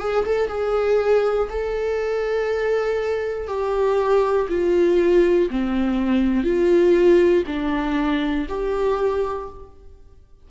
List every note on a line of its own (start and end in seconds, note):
0.00 0.25 G#4
0.25 0.49 A4
0.49 1.49 G#4
1.50 3.48 A4
3.48 4.48 G4
4.49 5.49 F4
5.50 6.44 C4
6.44 7.44 F4
7.47 8.47 D4
8.49 9.49 G4